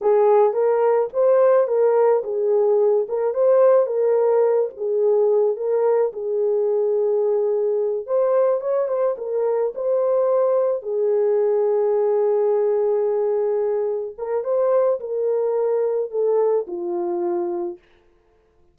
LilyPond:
\new Staff \with { instrumentName = "horn" } { \time 4/4 \tempo 4 = 108 gis'4 ais'4 c''4 ais'4 | gis'4. ais'8 c''4 ais'4~ | ais'8 gis'4. ais'4 gis'4~ | gis'2~ gis'8 c''4 cis''8 |
c''8 ais'4 c''2 gis'8~ | gis'1~ | gis'4. ais'8 c''4 ais'4~ | ais'4 a'4 f'2 | }